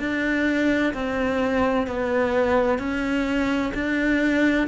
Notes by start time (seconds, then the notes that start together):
0.00 D4
0.94 C4
1.87 B3
2.79 C#4
3.75 D4